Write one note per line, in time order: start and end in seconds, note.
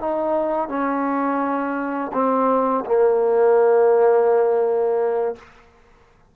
0.00 0.69 D#4
0.69 2.12 C#4
2.13 2.85 C4
2.86 5.36 A#3